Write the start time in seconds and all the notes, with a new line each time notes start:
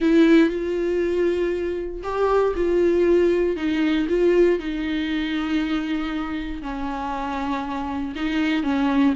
0.00 E4
0.49 F4
2.03 G4
2.55 F4
3.56 D#4
4.08 F4
4.59 D#4
6.62 C#4
8.15 D#4
8.63 C#4